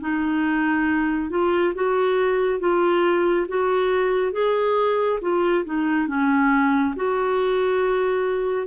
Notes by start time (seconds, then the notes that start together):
0.00 D#4
1.30 F4
1.74 F#4
2.59 F4
3.47 F#4
4.32 G#4
5.21 F4
5.64 D#4
6.07 C#4
6.95 F#4